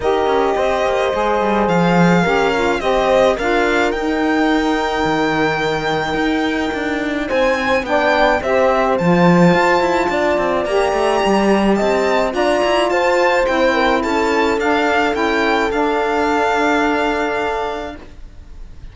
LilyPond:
<<
  \new Staff \with { instrumentName = "violin" } { \time 4/4 \tempo 4 = 107 dis''2. f''4~ | f''4 dis''4 f''4 g''4~ | g''1~ | g''4 gis''4 g''4 e''4 |
a''2. ais''4~ | ais''4 a''4 ais''4 a''4 | g''4 a''4 f''4 g''4 | f''1 | }
  \new Staff \with { instrumentName = "horn" } { \time 4/4 ais'4 c''2. | ais'4 c''4 ais'2~ | ais'1~ | ais'4 c''4 d''4 c''4~ |
c''2 d''2~ | d''4 dis''4 d''4 c''4~ | c''8 ais'8 a'2.~ | a'1 | }
  \new Staff \with { instrumentName = "saxophone" } { \time 4/4 g'2 gis'2 | g'8 f'8 g'4 f'4 dis'4~ | dis'1~ | dis'2 d'4 g'4 |
f'2. g'4~ | g'2 f'2 | e'2 d'4 e'4 | d'1 | }
  \new Staff \with { instrumentName = "cello" } { \time 4/4 dis'8 cis'8 c'8 ais8 gis8 g8 f4 | cis'4 c'4 d'4 dis'4~ | dis'4 dis2 dis'4 | d'4 c'4 b4 c'4 |
f4 f'8 e'8 d'8 c'8 ais8 a8 | g4 c'4 d'8 e'8 f'4 | c'4 cis'4 d'4 cis'4 | d'1 | }
>>